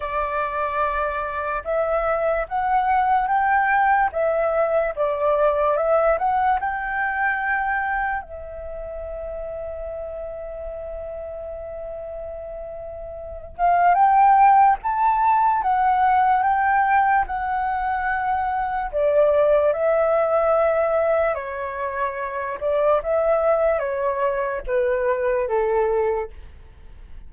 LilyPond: \new Staff \with { instrumentName = "flute" } { \time 4/4 \tempo 4 = 73 d''2 e''4 fis''4 | g''4 e''4 d''4 e''8 fis''8 | g''2 e''2~ | e''1~ |
e''8 f''8 g''4 a''4 fis''4 | g''4 fis''2 d''4 | e''2 cis''4. d''8 | e''4 cis''4 b'4 a'4 | }